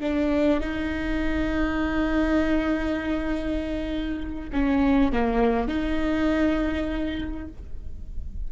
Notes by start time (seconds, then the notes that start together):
0.00 D4
0.60 D#4
4.52 C#4
5.12 A#3
5.68 D#4